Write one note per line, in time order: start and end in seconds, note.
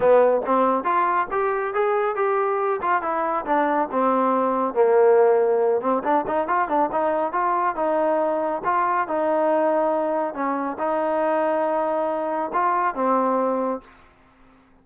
0.00 0.41 B3
0.46 0.84 C4
0.84 1.27 F4
1.31 1.74 G4
1.74 2.15 G#4
2.15 2.80 G4
2.81 3.02 F4
3.02 3.45 E4
3.45 3.88 D4
3.91 4.74 C4
4.74 5.81 A#3
5.81 6.02 C4
6.03 6.25 D4
6.27 6.47 D#4
6.47 6.68 F4
6.68 6.89 D4
6.92 7.32 D#4
7.32 7.75 F4
7.75 8.62 D#4
8.64 9.07 F4
9.07 10.34 D#4
10.34 10.77 C#4
10.78 12.51 D#4
12.53 12.94 F4
12.94 13.81 C4